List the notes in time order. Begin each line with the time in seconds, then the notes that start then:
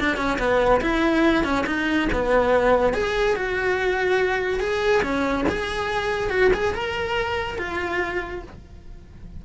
0.00 D4
0.17 C#4
0.39 B3
0.81 E4
1.44 C#4
1.67 D#4
2.12 B3
2.94 G#4
3.36 F#4
4.60 G#4
5.02 C#4
5.49 G#4
6.30 F#4
6.54 G#4
6.75 A#4
7.58 F4